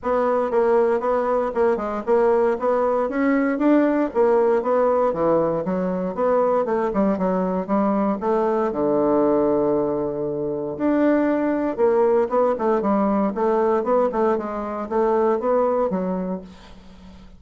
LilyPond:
\new Staff \with { instrumentName = "bassoon" } { \time 4/4 \tempo 4 = 117 b4 ais4 b4 ais8 gis8 | ais4 b4 cis'4 d'4 | ais4 b4 e4 fis4 | b4 a8 g8 fis4 g4 |
a4 d2.~ | d4 d'2 ais4 | b8 a8 g4 a4 b8 a8 | gis4 a4 b4 fis4 | }